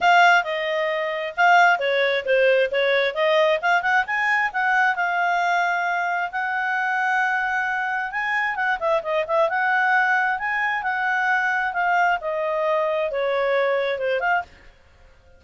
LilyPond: \new Staff \with { instrumentName = "clarinet" } { \time 4/4 \tempo 4 = 133 f''4 dis''2 f''4 | cis''4 c''4 cis''4 dis''4 | f''8 fis''8 gis''4 fis''4 f''4~ | f''2 fis''2~ |
fis''2 gis''4 fis''8 e''8 | dis''8 e''8 fis''2 gis''4 | fis''2 f''4 dis''4~ | dis''4 cis''2 c''8 f''8 | }